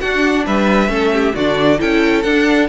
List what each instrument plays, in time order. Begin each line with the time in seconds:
0.00 cello D4, viola D4, violin F#4 F#5
0.46 cello G3, violin B4 E5
0.89 cello A3, viola C#4, violin A4
1.13 violin G4
1.35 cello D3, viola D4, violin F#4 D5
1.78 cello C#4, viola E4, violin A4 G5
2.23 cello D4, viola D4, violin F#5